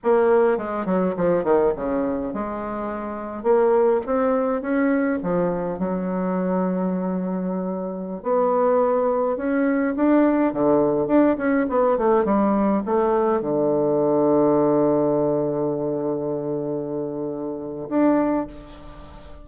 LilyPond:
\new Staff \with { instrumentName = "bassoon" } { \time 4/4 \tempo 4 = 104 ais4 gis8 fis8 f8 dis8 cis4 | gis2 ais4 c'4 | cis'4 f4 fis2~ | fis2~ fis16 b4.~ b16~ |
b16 cis'4 d'4 d4 d'8 cis'16~ | cis'16 b8 a8 g4 a4 d8.~ | d1~ | d2. d'4 | }